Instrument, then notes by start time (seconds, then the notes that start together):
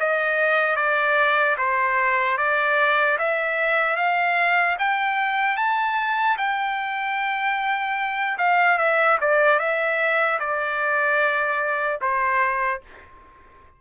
trumpet
0.00 D#5
0.77 D5
1.58 C5
2.38 D5
3.19 E5
3.97 F5
4.79 G5
5.57 A5
6.38 G5
8.39 F5
8.79 E5
9.21 D5
9.60 E5
10.40 D5
12.01 C5